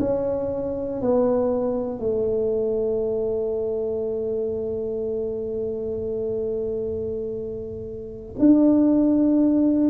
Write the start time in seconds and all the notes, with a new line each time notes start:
0.00 C#4
1.02 B3
2.00 A3
8.39 D4